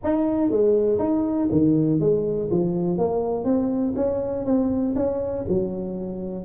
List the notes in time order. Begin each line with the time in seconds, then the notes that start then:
0.03 D#4
0.50 G#3
0.98 D#4
1.51 D#3
2.00 G#3
2.50 F3
2.98 A#3
3.44 C4
3.96 C#4
4.45 C4
4.95 C#4
5.48 F#3